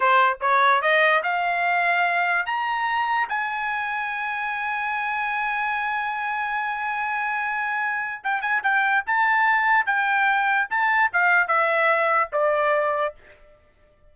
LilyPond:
\new Staff \with { instrumentName = "trumpet" } { \time 4/4 \tempo 4 = 146 c''4 cis''4 dis''4 f''4~ | f''2 ais''2 | gis''1~ | gis''1~ |
gis''1 | g''8 gis''8 g''4 a''2 | g''2 a''4 f''4 | e''2 d''2 | }